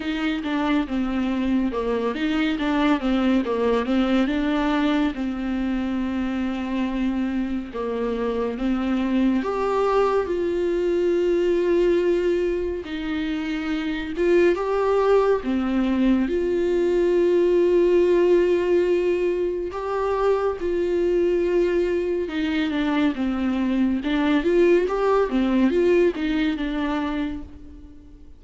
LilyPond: \new Staff \with { instrumentName = "viola" } { \time 4/4 \tempo 4 = 70 dis'8 d'8 c'4 ais8 dis'8 d'8 c'8 | ais8 c'8 d'4 c'2~ | c'4 ais4 c'4 g'4 | f'2. dis'4~ |
dis'8 f'8 g'4 c'4 f'4~ | f'2. g'4 | f'2 dis'8 d'8 c'4 | d'8 f'8 g'8 c'8 f'8 dis'8 d'4 | }